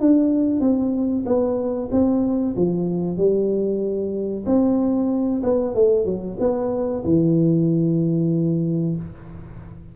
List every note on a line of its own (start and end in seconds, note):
0.00 0.60 D4
0.60 1.24 C4
1.26 1.89 B3
1.91 2.55 C4
2.56 3.17 F3
3.17 4.44 G3
4.46 5.42 C4
5.43 5.75 B3
5.75 6.05 A3
6.05 6.37 F#3
6.39 7.03 B3
7.04 8.96 E3